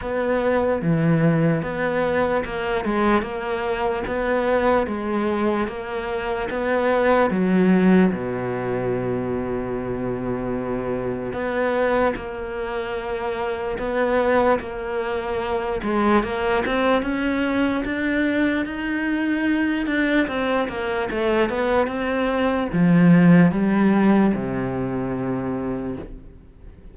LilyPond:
\new Staff \with { instrumentName = "cello" } { \time 4/4 \tempo 4 = 74 b4 e4 b4 ais8 gis8 | ais4 b4 gis4 ais4 | b4 fis4 b,2~ | b,2 b4 ais4~ |
ais4 b4 ais4. gis8 | ais8 c'8 cis'4 d'4 dis'4~ | dis'8 d'8 c'8 ais8 a8 b8 c'4 | f4 g4 c2 | }